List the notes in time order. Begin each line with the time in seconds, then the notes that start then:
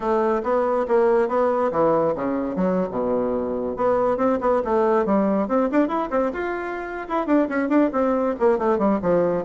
0.00 A3
0.43 B3
0.87 A#3
1.28 B3
1.71 E3
2.15 C#3
2.55 F#3
2.90 B2
3.76 B3
4.17 C4
4.40 B3
4.64 A3
5.05 G3
5.48 C4
5.71 D4
5.87 E4
6.10 C4
6.33 F4
7.08 E4
7.26 D4
7.48 C#4
7.69 D4
7.92 C4
8.39 A#3
8.58 A3
8.78 G3
9.02 F3